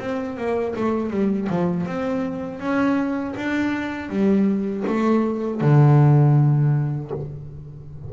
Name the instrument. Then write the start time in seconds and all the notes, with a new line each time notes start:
double bass
0.00 C4
0.38 A#3
0.76 A3
1.11 G3
1.50 F3
1.86 C4
2.60 C#4
3.37 D4
4.10 G3
4.87 A3
5.61 D3